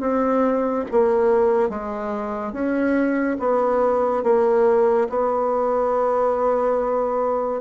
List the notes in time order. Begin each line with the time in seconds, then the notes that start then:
0.00 C4
0.91 A#3
1.69 G#3
2.52 C#4
3.39 B3
4.23 A#3
5.09 B3